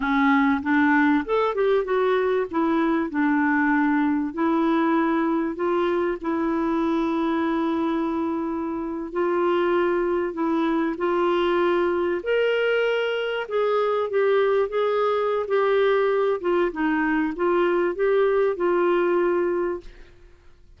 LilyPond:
\new Staff \with { instrumentName = "clarinet" } { \time 4/4 \tempo 4 = 97 cis'4 d'4 a'8 g'8 fis'4 | e'4 d'2 e'4~ | e'4 f'4 e'2~ | e'2~ e'8. f'4~ f'16~ |
f'8. e'4 f'2 ais'16~ | ais'4.~ ais'16 gis'4 g'4 gis'16~ | gis'4 g'4. f'8 dis'4 | f'4 g'4 f'2 | }